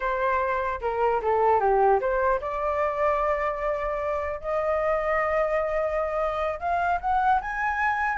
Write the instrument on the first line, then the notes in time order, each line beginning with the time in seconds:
flute
0.00 C5
0.81 A#4
1.22 A4
1.60 G4
2.00 C5
2.40 D5
4.40 D#5
6.59 F5
7.00 F#5
7.41 G#5